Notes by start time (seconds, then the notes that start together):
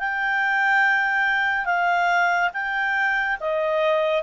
0.00 G5
1.66 F5
2.54 G5
3.41 D#5